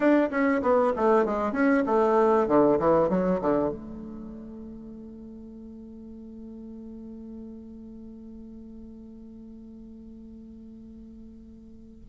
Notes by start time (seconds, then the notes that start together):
0.00 D4
0.30 C#4
0.62 B3
0.96 A3
1.25 G#3
1.52 C#4
1.86 A3
2.47 D3
2.79 E3
3.09 F#3
3.41 D3
3.69 A3